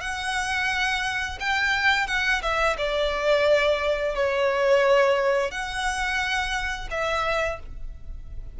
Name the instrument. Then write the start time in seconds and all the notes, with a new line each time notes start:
violin
0.00 F#5
1.39 G5
2.07 F#5
2.42 E5
2.77 D5
4.14 C#5
5.50 F#5
6.90 E5